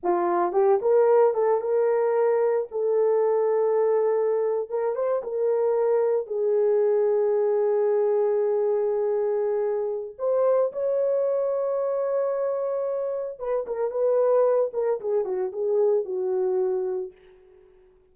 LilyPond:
\new Staff \with { instrumentName = "horn" } { \time 4/4 \tempo 4 = 112 f'4 g'8 ais'4 a'8 ais'4~ | ais'4 a'2.~ | a'8. ais'8 c''8 ais'2 gis'16~ | gis'1~ |
gis'2. c''4 | cis''1~ | cis''4 b'8 ais'8 b'4. ais'8 | gis'8 fis'8 gis'4 fis'2 | }